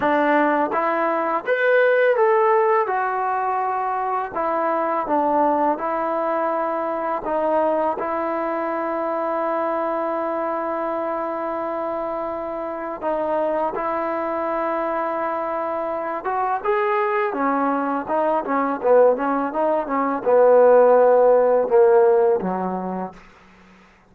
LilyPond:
\new Staff \with { instrumentName = "trombone" } { \time 4/4 \tempo 4 = 83 d'4 e'4 b'4 a'4 | fis'2 e'4 d'4 | e'2 dis'4 e'4~ | e'1~ |
e'2 dis'4 e'4~ | e'2~ e'8 fis'8 gis'4 | cis'4 dis'8 cis'8 b8 cis'8 dis'8 cis'8 | b2 ais4 fis4 | }